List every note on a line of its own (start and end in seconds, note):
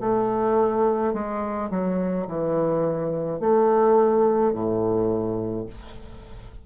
0.00 1.13 A3
1.13 1.70 G#3
1.70 2.27 F#3
2.27 3.40 E3
3.40 4.53 A3
4.53 5.66 A2